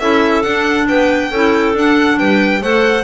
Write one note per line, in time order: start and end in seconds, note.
0.00 0.44 C#4
0.00 0.45 E4
0.00 0.88 A4
0.00 0.43 E5
0.43 0.89 D4
0.43 1.33 D4
0.43 0.87 F#5
0.88 1.32 B3
0.88 1.31 B4
0.88 1.76 G5
1.31 1.75 C#4
1.31 1.76 E4
1.31 2.19 A4
1.75 2.19 D4
1.75 2.62 D4
1.75 2.19 F#5
2.19 2.62 G3
2.19 2.62 B4
2.19 2.63 G5
2.62 3.05 A3
2.62 3.05 A4
2.62 3.05 C5
2.62 3.05 F#5